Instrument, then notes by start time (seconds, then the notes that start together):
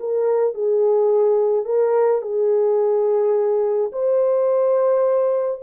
horn
0.00 A#4
0.54 G#4
1.65 A#4
2.22 G#4
3.92 C5